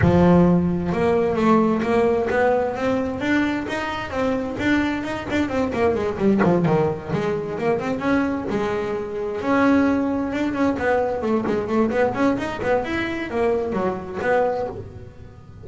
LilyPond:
\new Staff \with { instrumentName = "double bass" } { \time 4/4 \tempo 4 = 131 f2 ais4 a4 | ais4 b4 c'4 d'4 | dis'4 c'4 d'4 dis'8 d'8 | c'8 ais8 gis8 g8 f8 dis4 gis8~ |
gis8 ais8 c'8 cis'4 gis4.~ | gis8 cis'2 d'8 cis'8 b8~ | b8 a8 gis8 a8 b8 cis'8 dis'8 b8 | e'4 ais4 fis4 b4 | }